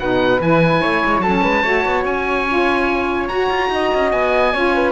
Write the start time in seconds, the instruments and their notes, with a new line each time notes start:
0.00 cello B2, saxophone D#4, flute B4, oboe F#5
0.40 cello E3, saxophone E4, oboe G#5
0.82 cello A3, flute C#5
1.06 cello G#3
1.21 cello F#3, saxophone C#4, flute A4, oboe A5
1.43 cello G#3, flute B4
1.63 cello A3, saxophone F#4, flute C#5
1.86 cello B3
2.05 cello C#4, oboe G#5
2.48 saxophone F4
3.28 cello F#4, saxophone F#4, oboe A#5
3.50 cello F4
3.70 cello D#4, flute D#5
3.95 cello C#4
4.12 cello B3, oboe G#5
4.54 cello C#4, saxophone F4, flute C#5
4.75 flute B4